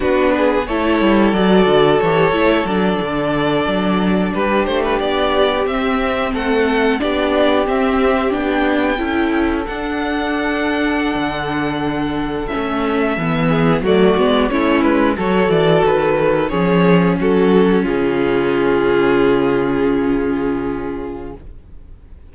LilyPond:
<<
  \new Staff \with { instrumentName = "violin" } { \time 4/4 \tempo 4 = 90 b'4 cis''4 d''4 cis''4 | d''2~ d''8 b'8 c''16 b'16 d''8~ | d''8 e''4 fis''4 d''4 e''8~ | e''8 g''2 fis''4.~ |
fis''2~ fis''8. e''4~ e''16~ | e''8. d''4 cis''8 b'8 cis''8 d''8 b'16~ | b'8. cis''4 a'4 gis'4~ gis'16~ | gis'1 | }
  \new Staff \with { instrumentName = "violin" } { \time 4/4 fis'8 gis'8 a'2.~ | a'2~ a'8 g'4.~ | g'4. a'4 g'4.~ | g'4. a'2~ a'8~ |
a'1~ | a'16 gis'8 fis'4 e'4 a'4~ a'16~ | a'8. gis'4 fis'4 f'4~ f'16~ | f'1 | }
  \new Staff \with { instrumentName = "viola" } { \time 4/4 d'4 e'4 fis'4 g'8 e'8 | d'1~ | d'8 c'2 d'4 c'8~ | c'8 d'4 e'4 d'4.~ |
d'2~ d'8. cis'4 b16~ | b8. a8 b8 cis'4 fis'4~ fis'16~ | fis'8. cis'2.~ cis'16~ | cis'1 | }
  \new Staff \with { instrumentName = "cello" } { \time 4/4 b4 a8 g8 fis8 d8 e8 a8 | fis8 d4 fis4 g8 a8 b8~ | b8 c'4 a4 b4 c'8~ | c'8 b4 cis'4 d'4.~ |
d'8. d2 a4 e16~ | e8. fis8 gis8 a8 gis8 fis8 e8 dis16~ | dis8. f4 fis4 cis4~ cis16~ | cis1 | }
>>